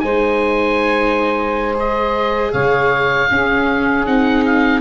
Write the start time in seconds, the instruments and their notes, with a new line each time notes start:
0.00 tuba G#3, viola D#4, saxophone C5, oboe G#5
1.74 viola G#4, oboe D#5
2.52 tuba C#3, saxophone C#5, oboe F5
3.30 tuba C#4, viola C#4, saxophone G#4
4.06 tuba C4, viola D#4, oboe F#5
4.45 oboe F5